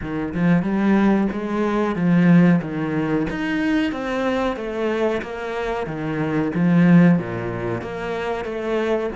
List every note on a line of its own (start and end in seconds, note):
0.01 0.33 D#3
0.34 0.62 F3
0.62 1.27 G3
1.32 1.95 G#3
1.95 2.61 F3
2.61 3.26 D#3
3.29 3.92 D#4
3.92 4.56 C4
4.56 5.21 A3
5.21 5.86 A#3
5.86 6.51 D#3
6.54 7.18 F3
7.18 7.81 A#2
7.81 8.45 A#3
8.45 9.10 A3